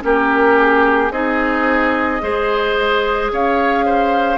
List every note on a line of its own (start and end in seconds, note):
0.00 1.10 A#3
0.00 1.09 C#4
0.00 1.12 G4
0.00 0.59 A#4
0.59 1.12 G#4
1.10 2.19 C4
1.10 2.20 D#4
1.10 2.21 G#4
1.10 3.30 D#5
2.20 3.31 G#3
2.20 4.37 G#4
2.20 3.32 C5
3.31 4.37 C#4
3.31 3.85 C#5
3.31 4.37 F5
3.85 4.37 C5